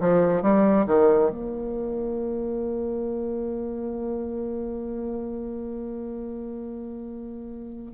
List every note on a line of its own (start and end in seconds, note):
0.00 0.42 F3
0.42 0.86 G3
0.86 1.30 D#3
1.30 7.92 A#3